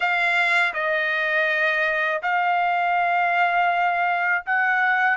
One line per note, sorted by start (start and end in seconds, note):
0.00 0.73 F5
0.73 2.21 D#5
2.22 4.44 F5
4.45 5.17 F#5